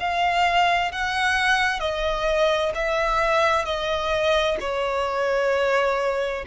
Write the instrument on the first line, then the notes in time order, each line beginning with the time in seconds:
violin
0.00 F5
0.92 F#5
1.80 D#5
2.75 E5
3.65 D#5
4.60 C#5